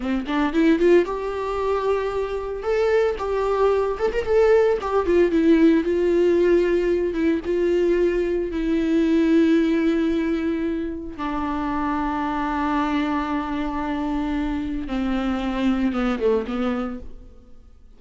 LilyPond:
\new Staff \with { instrumentName = "viola" } { \time 4/4 \tempo 4 = 113 c'8 d'8 e'8 f'8 g'2~ | g'4 a'4 g'4. a'16 ais'16 | a'4 g'8 f'8 e'4 f'4~ | f'4. e'8 f'2 |
e'1~ | e'4 d'2.~ | d'1 | c'2 b8 a8 b4 | }